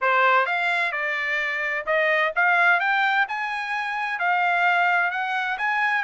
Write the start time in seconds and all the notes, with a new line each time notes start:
0.01 C5
0.45 F5
0.92 D5
1.86 D#5
2.35 F5
2.79 G5
3.28 G#5
4.19 F5
5.11 F#5
5.58 G#5